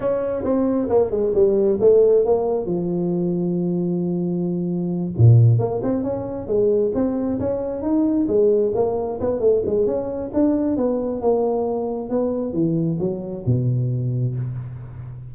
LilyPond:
\new Staff \with { instrumentName = "tuba" } { \time 4/4 \tempo 4 = 134 cis'4 c'4 ais8 gis8 g4 | a4 ais4 f2~ | f2.~ f8 ais,8~ | ais,8 ais8 c'8 cis'4 gis4 c'8~ |
c'8 cis'4 dis'4 gis4 ais8~ | ais8 b8 a8 gis8 cis'4 d'4 | b4 ais2 b4 | e4 fis4 b,2 | }